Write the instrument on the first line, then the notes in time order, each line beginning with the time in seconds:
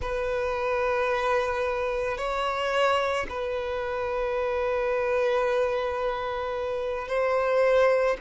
violin
0.01 B4
2.17 C#5
3.29 B4
7.08 C5